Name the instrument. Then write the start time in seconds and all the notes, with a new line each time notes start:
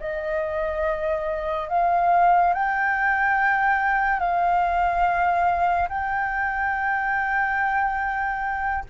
flute
0.00 D#5
1.69 F5
2.54 G5
4.20 F5
5.89 G5